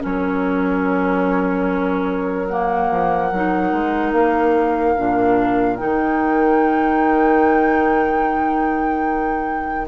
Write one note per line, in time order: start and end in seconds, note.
0.00 2.90 F#3
0.00 2.47 C#4
0.00 9.87 A#4
0.00 2.47 C#5
2.47 3.31 A#3
2.47 4.12 F#5
2.90 3.31 F3
3.31 3.72 F#3
3.31 4.96 D#4
3.72 4.12 G#3
4.12 4.94 A#3
4.12 5.76 F5
4.96 5.81 A#2
4.96 5.77 D4
5.76 9.87 D#3
5.76 9.87 D#4
5.76 9.87 G5